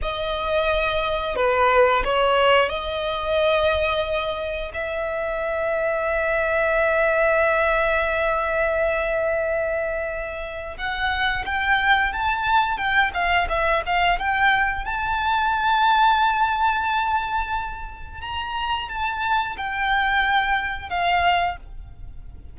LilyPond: \new Staff \with { instrumentName = "violin" } { \time 4/4 \tempo 4 = 89 dis''2 b'4 cis''4 | dis''2. e''4~ | e''1~ | e''1 |
fis''4 g''4 a''4 g''8 f''8 | e''8 f''8 g''4 a''2~ | a''2. ais''4 | a''4 g''2 f''4 | }